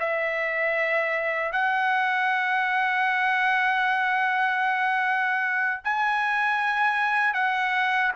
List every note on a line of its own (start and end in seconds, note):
0.00 1.52 E5
1.52 5.81 F#5
5.84 7.34 G#5
7.34 8.12 F#5